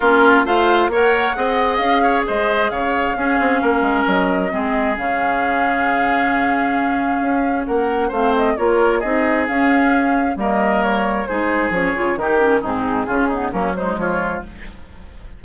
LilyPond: <<
  \new Staff \with { instrumentName = "flute" } { \time 4/4 \tempo 4 = 133 ais'4 f''4 fis''2 | f''4 dis''4 f''2~ | f''4 dis''2 f''4~ | f''1~ |
f''4 fis''4 f''8 dis''8 cis''4 | dis''4 f''2 dis''4 | cis''4 c''4 cis''4 ais'4 | gis'2 ais'8 c''8 cis''4 | }
  \new Staff \with { instrumentName = "oboe" } { \time 4/4 f'4 c''4 cis''4 dis''4~ | dis''8 cis''8 c''4 cis''4 gis'4 | ais'2 gis'2~ | gis'1~ |
gis'4 ais'4 c''4 ais'4 | gis'2. ais'4~ | ais'4 gis'2 g'4 | dis'4 f'8 dis'8 cis'8 dis'8 f'4 | }
  \new Staff \with { instrumentName = "clarinet" } { \time 4/4 cis'4 f'4 ais'4 gis'4~ | gis'2. cis'4~ | cis'2 c'4 cis'4~ | cis'1~ |
cis'2 c'4 f'4 | dis'4 cis'2 ais4~ | ais4 dis'4 cis'8 f'8 dis'8 cis'8 | c'4 cis'8 b8 ais8 gis4. | }
  \new Staff \with { instrumentName = "bassoon" } { \time 4/4 ais4 a4 ais4 c'4 | cis'4 gis4 cis4 cis'8 c'8 | ais8 gis8 fis4 gis4 cis4~ | cis1 |
cis'4 ais4 a4 ais4 | c'4 cis'2 g4~ | g4 gis4 f8 cis8 dis4 | gis,4 cis4 fis4 f4 | }
>>